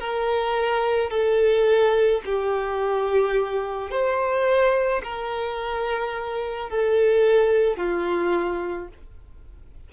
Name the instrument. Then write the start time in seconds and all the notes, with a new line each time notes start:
violin
0.00 A#4
1.11 A4
2.26 G4
3.91 C5
5.04 A#4
6.70 A4
7.77 F4